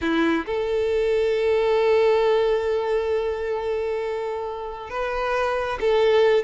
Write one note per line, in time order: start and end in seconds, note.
0.01 0.45 E4
0.45 4.89 A4
4.89 5.78 B4
5.80 6.44 A4